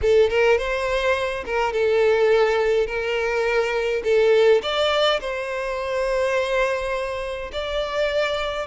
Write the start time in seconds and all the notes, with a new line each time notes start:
0.01 A4
0.30 A#4
0.58 C5
1.45 A#4
1.72 A4
2.87 A#4
4.04 A4
4.62 D5
5.20 C5
7.52 D5